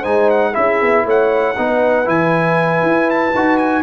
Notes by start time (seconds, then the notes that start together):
0.00 G#3 D#4 C5 G#5
0.30 F#5
0.53 C#4 E4 G#4 E5
0.82 B3
1.05 A3 C#5 F#5
1.57 B3 D#4 B4
2.05 E3 E4 G#5
2.83 E4
3.10 A5
3.35 D#4 F#4
3.58 G#5